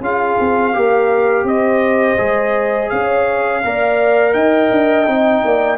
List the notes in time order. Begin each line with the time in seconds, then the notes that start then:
0.00 C#4 F4 G#4 F5
0.39 C4
0.73 A#3 G4 A#4
1.43 C4 C5 D#5
2.17 G#3 G#4
2.89 C#4 C#5 F5
3.64 A#3 A#4 D5
4.33 D#4 D#5 G5
4.71 D4
5.06 C4 D#4
5.44 A#3 D5